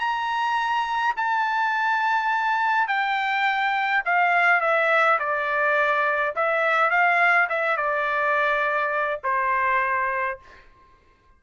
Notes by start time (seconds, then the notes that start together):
0.00 A#5
1.17 A5
2.88 G5
4.06 F5
4.61 E5
5.19 D5
6.36 E5
6.91 F5
7.49 E5
7.77 D5
9.24 C5